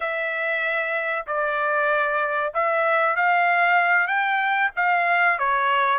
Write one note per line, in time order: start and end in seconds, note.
0.00 1.25 E5
1.26 2.53 D5
2.53 3.16 E5
3.16 4.07 F5
4.07 4.70 G5
4.75 5.38 F5
5.38 5.98 C#5